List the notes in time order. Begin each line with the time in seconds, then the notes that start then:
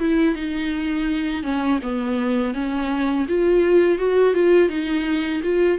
0.00 E4
0.35 D#4
1.44 C#4
1.83 B3
2.54 C#4
3.29 F4
3.99 F#4
4.34 F4
4.70 D#4
5.43 F4